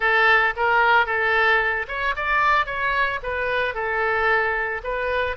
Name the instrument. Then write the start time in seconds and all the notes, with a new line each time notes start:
oboe
0.00 A4
0.56 A#4
1.06 A4
1.87 C#5
2.16 D5
2.66 C#5
3.22 B4
3.74 A4
4.83 B4